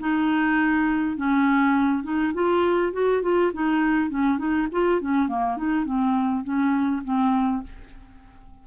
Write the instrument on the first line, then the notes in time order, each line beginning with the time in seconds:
clarinet
0.00 D#4
1.17 C#4
2.04 D#4
2.34 F4
2.93 F#4
3.23 F4
3.54 D#4
4.10 C#4
4.39 D#4
4.72 F4
5.01 C#4
5.29 A#3
5.57 D#4
5.86 C4
6.44 C#4
7.05 C4